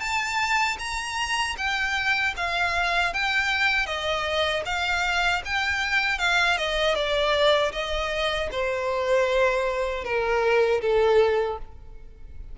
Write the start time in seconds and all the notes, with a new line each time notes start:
0.00 A5
0.79 A#5
1.57 G5
2.36 F5
3.13 G5
3.86 D#5
4.65 F5
5.45 G5
6.19 F5
6.57 D#5
6.95 D5
7.72 D#5
8.51 C5
10.04 A#4
10.81 A4